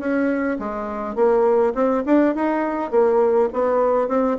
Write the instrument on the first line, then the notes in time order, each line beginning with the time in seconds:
bassoon
0.00 C#4
0.60 G#3
1.16 A#3
1.75 C4
2.06 D4
2.36 D#4
2.92 A#3
3.53 B3
4.09 C4